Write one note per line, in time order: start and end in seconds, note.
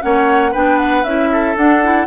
0.00 0.54 A#3
0.00 0.52 C#4
0.00 0.51 C#5
0.00 0.53 F#5
0.51 1.03 B3
0.51 1.05 D4
0.51 1.29 B4
0.51 0.78 G5
0.78 1.03 F#5
1.03 1.55 C#4
1.03 1.56 E4
1.03 1.55 E5
1.32 2.07 A4
1.56 1.82 D4
1.56 2.07 D4
1.56 2.07 F#5
1.83 2.07 E4